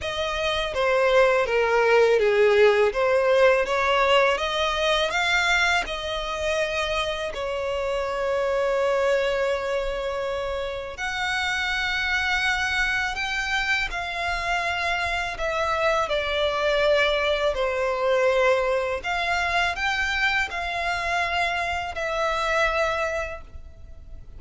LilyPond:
\new Staff \with { instrumentName = "violin" } { \time 4/4 \tempo 4 = 82 dis''4 c''4 ais'4 gis'4 | c''4 cis''4 dis''4 f''4 | dis''2 cis''2~ | cis''2. fis''4~ |
fis''2 g''4 f''4~ | f''4 e''4 d''2 | c''2 f''4 g''4 | f''2 e''2 | }